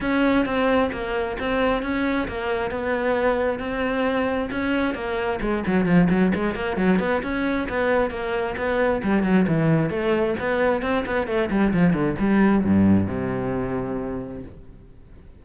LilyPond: \new Staff \with { instrumentName = "cello" } { \time 4/4 \tempo 4 = 133 cis'4 c'4 ais4 c'4 | cis'4 ais4 b2 | c'2 cis'4 ais4 | gis8 fis8 f8 fis8 gis8 ais8 fis8 b8 |
cis'4 b4 ais4 b4 | g8 fis8 e4 a4 b4 | c'8 b8 a8 g8 f8 d8 g4 | g,4 c2. | }